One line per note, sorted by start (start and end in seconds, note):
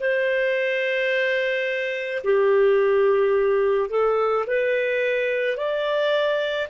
0.00 2.22 C5
2.24 3.90 G4
3.90 4.45 A4
4.46 5.57 B4
5.57 6.68 D5